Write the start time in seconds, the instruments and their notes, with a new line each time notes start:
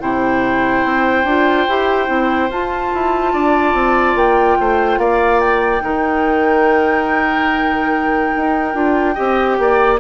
0.00 bassoon C3, clarinet E4, oboe C5, flute G5
0.84 bassoon C4
1.24 bassoon D4, clarinet F4
1.69 bassoon E4, clarinet G4
2.07 bassoon C4, clarinet E4
2.50 bassoon F4, clarinet F4, flute A5
2.94 bassoon E4
3.33 bassoon D4, oboe D5
3.74 bassoon C4
4.15 bassoon A#3, flute G5
4.60 bassoon A3, oboe C5
4.98 bassoon A#3, oboe D5, flute F5
5.41 flute G5
5.81 bassoon D#3, clarinet D#4, oboe A#4
8.37 bassoon D#4
8.74 bassoon D4, clarinet F4
9.15 bassoon C4, clarinet G4, oboe D#5
9.59 bassoon A#3, oboe D5